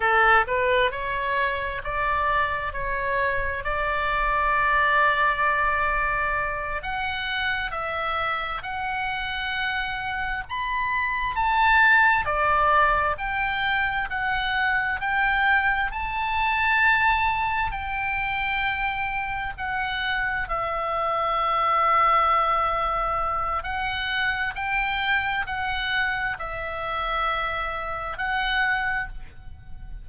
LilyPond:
\new Staff \with { instrumentName = "oboe" } { \time 4/4 \tempo 4 = 66 a'8 b'8 cis''4 d''4 cis''4 | d''2.~ d''8 fis''8~ | fis''8 e''4 fis''2 b''8~ | b''8 a''4 d''4 g''4 fis''8~ |
fis''8 g''4 a''2 g''8~ | g''4. fis''4 e''4.~ | e''2 fis''4 g''4 | fis''4 e''2 fis''4 | }